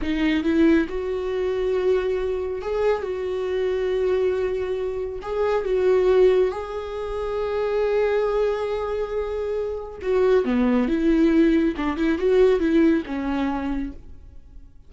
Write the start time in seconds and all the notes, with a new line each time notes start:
0.01 D#4
0.43 E4
0.88 F#4
2.61 G#4
3.02 F#4
5.22 G#4
5.64 F#4
6.51 G#4
10.01 F#4
10.45 B3
10.88 E4
11.76 D4
11.96 E4
12.18 F#4
12.59 E4
13.06 C#4